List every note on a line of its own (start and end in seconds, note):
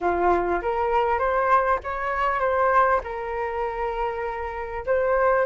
0.00 0.61 F4
0.62 1.18 A#4
1.18 1.79 C5
1.83 2.39 C#5
2.39 3.00 C5
3.03 4.85 A#4
4.85 5.45 C5